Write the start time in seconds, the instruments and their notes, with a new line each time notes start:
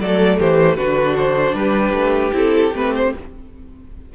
0.00 cello F#3, viola A3, violin A4 D5
0.39 cello E3, violin G4 C5
0.76 cello D3, viola D4, violin F#4 B4
1.17 violin C5
1.54 cello G3, violin G4 B4
1.93 cello A3
2.32 cello C4, viola E4, violin A4
2.74 cello A3, viola C4, violin B4
2.94 violin C5